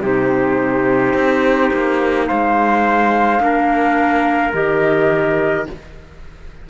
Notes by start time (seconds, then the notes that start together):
0.00 C3 D#4 G4 C5
1.14 C4
1.73 A#3
2.26 G#3 C5 F5
3.39 A#3 D4 A#4
4.53 D#3 G4 D#5